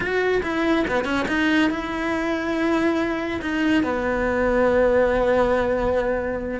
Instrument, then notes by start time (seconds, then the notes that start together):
cello
0.00 F#4
0.42 E4
0.87 B3
1.04 C#4
1.28 D#4
1.70 E4
3.41 D#4
3.83 B3